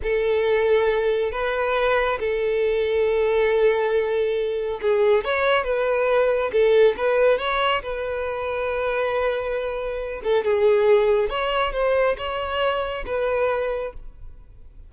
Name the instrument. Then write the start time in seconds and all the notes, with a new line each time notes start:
violin
0.02 A4
1.31 B4
2.19 A4
4.81 G#4
5.24 C#5
5.64 B4
6.52 A4
6.96 B4
7.38 C#5
7.82 B4
10.23 A4
10.44 G#4
11.29 C#5
11.73 C5
12.17 C#5
13.06 B4